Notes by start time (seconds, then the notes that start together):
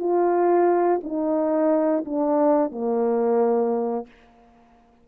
0.00 F4
1.04 D#4
2.06 D4
2.72 A#3